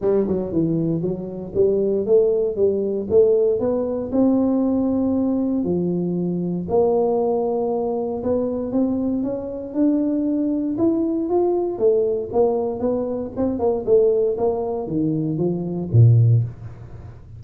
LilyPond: \new Staff \with { instrumentName = "tuba" } { \time 4/4 \tempo 4 = 117 g8 fis8 e4 fis4 g4 | a4 g4 a4 b4 | c'2. f4~ | f4 ais2. |
b4 c'4 cis'4 d'4~ | d'4 e'4 f'4 a4 | ais4 b4 c'8 ais8 a4 | ais4 dis4 f4 ais,4 | }